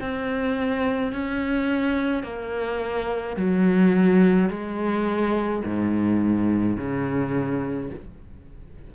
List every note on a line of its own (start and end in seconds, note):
0.00 1.12 C4
1.12 2.23 C#4
2.23 3.36 A#3
3.37 4.49 F#3
4.49 5.62 G#3
5.64 6.77 G#2
6.77 7.90 C#3